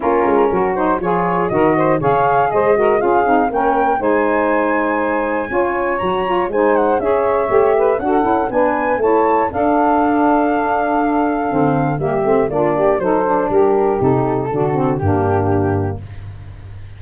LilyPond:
<<
  \new Staff \with { instrumentName = "flute" } { \time 4/4 \tempo 4 = 120 ais'4. c''8 cis''4 dis''4 | f''4 dis''4 f''4 g''4 | gis''1 | ais''4 gis''8 fis''8 e''2 |
fis''4 gis''4 a''4 f''4~ | f''1 | e''4 d''4 c''4 ais'4 | a'2 g'2 | }
  \new Staff \with { instrumentName = "saxophone" } { \time 4/4 f'4 fis'4 gis'4 ais'8 c''8 | cis''4 c''8 ais'8 gis'4 ais'4 | c''2. cis''4~ | cis''4 c''4 cis''4. b'8 |
a'4 b'4 cis''4 a'4~ | a'1 | g'4 f'8 g'8 a'4 g'4~ | g'4 fis'4 d'2 | }
  \new Staff \with { instrumentName = "saxophone" } { \time 4/4 cis'4. dis'8 f'4 fis'4 | gis'4. fis'8 f'8 dis'8 cis'4 | dis'2. f'4 | fis'8 f'8 dis'4 gis'4 g'4 |
fis'8 e'8 d'4 e'4 d'4~ | d'2. c'4 | ais8 c'8 d'4 dis'8 d'4. | dis'4 d'8 c'8 ais2 | }
  \new Staff \with { instrumentName = "tuba" } { \time 4/4 ais8 gis8 fis4 f4 dis4 | cis4 gis4 cis'8 c'8 ais4 | gis2. cis'4 | fis4 gis4 cis'4 a4 |
d'8 cis'8 b4 a4 d'4~ | d'2. d4 | g8 a8 ais4 fis4 g4 | c4 d4 g,2 | }
>>